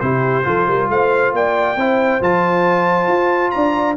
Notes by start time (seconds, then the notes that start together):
0.00 C3 E4 G4 C5
0.44 F3 F4 A4
0.67 G3 A#4
0.89 A3 C5 F5
1.33 A#3 D5 G5
1.76 C4 E4 C5
2.21 F3 F4 A5
3.08 F4
3.51 D4 D5 A#5